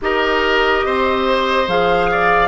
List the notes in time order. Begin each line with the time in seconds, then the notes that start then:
0.01 D#4 G4 A#4 D#5
0.85 C4 C5
1.67 F3 G#4 F5
2.10 D5